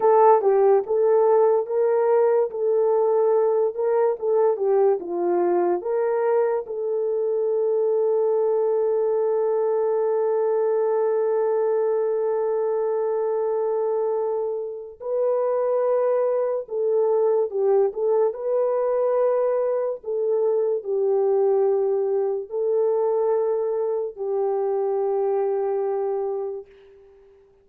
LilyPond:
\new Staff \with { instrumentName = "horn" } { \time 4/4 \tempo 4 = 72 a'8 g'8 a'4 ais'4 a'4~ | a'8 ais'8 a'8 g'8 f'4 ais'4 | a'1~ | a'1~ |
a'2 b'2 | a'4 g'8 a'8 b'2 | a'4 g'2 a'4~ | a'4 g'2. | }